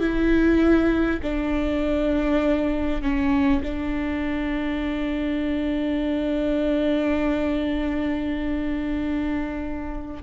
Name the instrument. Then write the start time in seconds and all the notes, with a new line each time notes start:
viola
0.00 E4
1.23 D4
3.02 C#4
3.63 D4